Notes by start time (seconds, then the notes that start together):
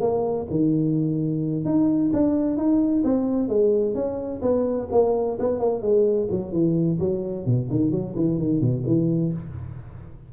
0.00 A#3
0.50 D#3
1.64 D#4
2.13 D4
2.57 D#4
3.04 C4
3.48 G#3
3.94 C#4
4.41 B3
4.91 A#3
5.39 B3
5.59 A#3
5.81 G#3
6.30 F#3
6.52 E3
6.99 F#3
7.45 B2
7.70 D#3
7.91 F#3
8.16 E3
8.38 D#3
8.60 B2
8.86 E3